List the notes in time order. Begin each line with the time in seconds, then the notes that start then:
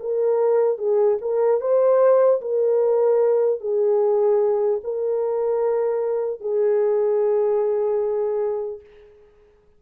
0.00 A#4
0.78 G#4
1.21 A#4
1.61 C5
2.41 A#4
3.60 G#4
4.84 A#4
6.40 G#4